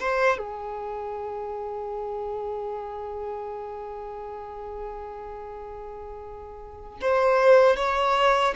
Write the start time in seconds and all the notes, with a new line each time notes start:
0.00 C5
0.38 G#4
7.02 C5
7.76 C#5